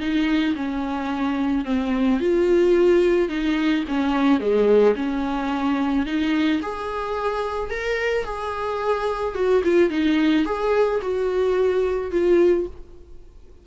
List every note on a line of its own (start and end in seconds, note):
0.00 0.55 D#4
0.56 1.65 C#4
1.65 2.20 C4
2.20 3.29 F4
3.29 3.84 D#4
3.88 4.40 C#4
4.40 4.95 G#3
4.96 6.06 C#4
6.06 6.61 D#4
6.62 7.70 G#4
7.70 8.25 A#4
8.25 9.35 G#4
9.35 9.63 F#4
9.64 9.90 F4
9.90 10.45 D#4
10.46 11.01 G#4
11.02 12.12 F#4
12.12 12.67 F4